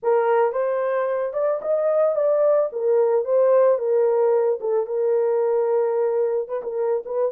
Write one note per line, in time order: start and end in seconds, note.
0.02 0.52 A#4
0.52 1.33 C5
1.33 1.60 D5
1.61 2.15 D#5
2.15 2.69 D5
2.72 3.24 A#4
3.24 3.78 C5
3.78 4.59 A#4
4.60 4.86 A4
4.86 6.48 A#4
6.48 6.61 B4
6.63 7.03 A#4
7.05 7.31 B4